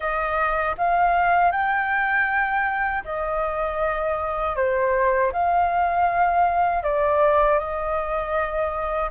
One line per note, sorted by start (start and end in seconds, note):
0.00 0.75 D#5
0.77 1.51 F5
1.51 3.03 G5
3.04 4.56 D#5
4.56 5.32 C5
5.32 6.83 F5
6.83 7.58 D5
7.58 9.10 D#5